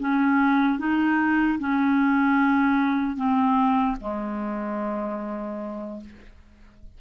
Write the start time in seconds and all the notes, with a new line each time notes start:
0.00 C#4
0.79 D#4
1.60 C#4
3.17 C4
4.01 G#3